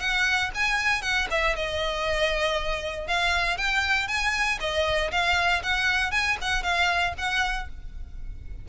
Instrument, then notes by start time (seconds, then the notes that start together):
violin
0.00 F#5
0.55 G#5
1.02 F#5
1.31 E5
1.56 D#5
3.07 F5
3.58 G5
4.08 G#5
4.61 D#5
5.12 F5
5.63 F#5
6.12 G#5
6.42 F#5
6.63 F5
7.18 F#5